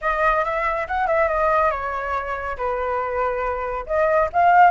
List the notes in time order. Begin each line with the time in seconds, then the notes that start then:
0.01 D#5
0.44 E5
0.87 F#5
1.07 E5
1.28 D#5
1.70 C#5
2.57 B4
3.86 D#5
4.32 F5